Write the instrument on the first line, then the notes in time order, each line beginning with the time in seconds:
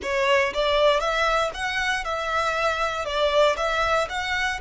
violin
0.02 C#5
0.53 D5
1.00 E5
1.54 F#5
2.04 E5
3.05 D5
3.57 E5
4.09 F#5